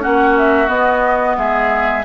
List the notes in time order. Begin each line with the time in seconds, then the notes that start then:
0.00 A#3 C#4 F#4 F#5
0.37 E5
0.68 B3 D#5
1.37 G#3 G#4 E5